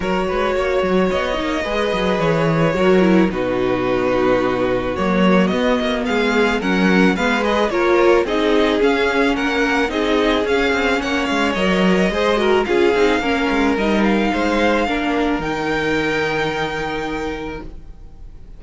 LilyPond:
<<
  \new Staff \with { instrumentName = "violin" } { \time 4/4 \tempo 4 = 109 cis''2 dis''2 | cis''2 b'2~ | b'4 cis''4 dis''4 f''4 | fis''4 f''8 dis''8 cis''4 dis''4 |
f''4 fis''4 dis''4 f''4 | fis''8 f''8 dis''2 f''4~ | f''4 dis''8 f''2~ f''8 | g''1 | }
  \new Staff \with { instrumentName = "violin" } { \time 4/4 ais'8 b'8 cis''2 b'4~ | b'4 ais'4 fis'2~ | fis'2. gis'4 | ais'4 b'4 ais'4 gis'4~ |
gis'4 ais'4 gis'2 | cis''2 c''8 ais'8 gis'4 | ais'2 c''4 ais'4~ | ais'1 | }
  \new Staff \with { instrumentName = "viola" } { \time 4/4 fis'2~ fis'8 dis'8 gis'4~ | gis'4 fis'8 e'8 dis'2~ | dis'4 ais4 b2 | cis'4 b8 gis'8 f'4 dis'4 |
cis'2 dis'4 cis'4~ | cis'4 ais'4 gis'8 fis'8 f'8 dis'8 | cis'4 dis'2 d'4 | dis'1 | }
  \new Staff \with { instrumentName = "cello" } { \time 4/4 fis8 gis8 ais8 fis8 b8 ais8 gis8 fis8 | e4 fis4 b,2~ | b,4 fis4 b8 ais8 gis4 | fis4 gis4 ais4 c'4 |
cis'4 ais4 c'4 cis'8 c'8 | ais8 gis8 fis4 gis4 cis'8 c'8 | ais8 gis8 g4 gis4 ais4 | dis1 | }
>>